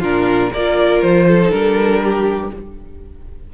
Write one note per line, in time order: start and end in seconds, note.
0.00 0.52 A#2
0.00 0.52 D4
0.00 0.50 F4
0.00 0.53 A#4
0.52 1.03 A#3
0.52 1.43 F4
0.52 1.27 A#4
0.52 1.01 D5
1.01 1.52 F3
1.01 1.51 C5
1.28 2.02 A4
1.44 1.51 D#4
1.51 2.51 G3
1.51 2.50 D4
1.51 2.50 A#4
2.04 2.54 G4